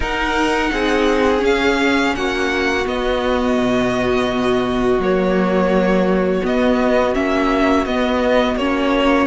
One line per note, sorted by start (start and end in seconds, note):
0.00 0.70 D#4
0.00 1.38 D#4
0.00 0.71 A#4
0.00 1.44 F#5
0.72 1.42 C4
0.72 2.15 G#4
1.38 2.81 C#4
1.38 2.13 C#4
1.38 2.15 F5
2.15 2.86 A#3
2.15 9.26 F#4
2.15 2.86 F#5
2.85 4.99 B3
2.85 3.57 B3
2.85 5.01 D#5
3.57 4.98 B2
4.98 6.40 F#3
4.98 6.42 A#3
4.98 6.45 C#5
6.42 7.14 B3
6.42 7.15 B3
6.42 7.14 D#5
7.14 7.85 A#3
7.14 7.85 C#4
7.14 7.85 E5
7.85 8.55 B3
7.85 8.59 B3
7.85 8.57 D#5
8.55 9.26 A#3
8.55 9.26 C#4
8.55 9.26 C#5